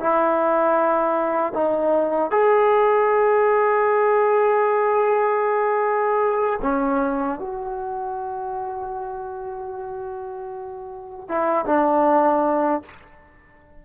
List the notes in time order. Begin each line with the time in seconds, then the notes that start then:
0.00 E4
1.53 D#4
2.32 G#4
6.62 C#4
7.39 F#4
11.29 E4
11.66 D4